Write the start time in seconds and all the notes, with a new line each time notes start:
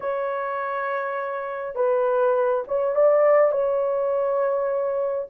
0.00 C#5
1.75 B4
2.67 C#5
2.95 D5
3.51 C#5